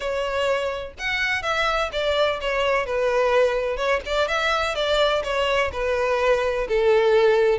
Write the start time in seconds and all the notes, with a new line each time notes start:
0.00 C#5
0.98 F#5
1.42 E5
1.92 D5
2.40 C#5
2.86 B4
3.76 C#5
4.05 D5
4.27 E5
4.75 D5
5.23 C#5
5.72 B4
6.68 A4